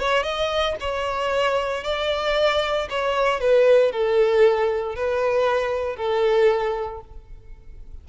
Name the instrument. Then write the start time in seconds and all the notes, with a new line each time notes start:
violin
0.00 C#5
0.23 D#5
0.80 C#5
1.84 D5
2.90 C#5
3.40 B4
3.92 A4
4.96 B4
5.96 A4